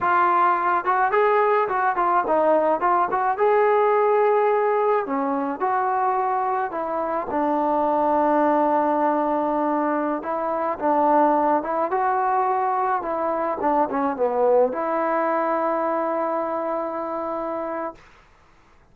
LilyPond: \new Staff \with { instrumentName = "trombone" } { \time 4/4 \tempo 4 = 107 f'4. fis'8 gis'4 fis'8 f'8 | dis'4 f'8 fis'8 gis'2~ | gis'4 cis'4 fis'2 | e'4 d'2.~ |
d'2~ d'16 e'4 d'8.~ | d'8. e'8 fis'2 e'8.~ | e'16 d'8 cis'8 b4 e'4.~ e'16~ | e'1 | }